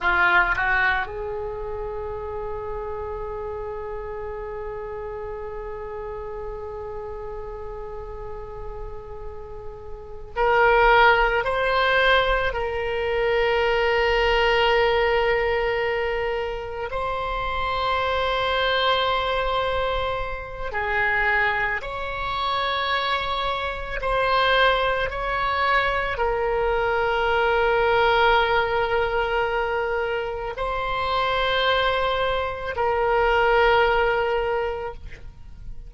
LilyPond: \new Staff \with { instrumentName = "oboe" } { \time 4/4 \tempo 4 = 55 f'8 fis'8 gis'2.~ | gis'1~ | gis'4. ais'4 c''4 ais'8~ | ais'2.~ ais'8 c''8~ |
c''2. gis'4 | cis''2 c''4 cis''4 | ais'1 | c''2 ais'2 | }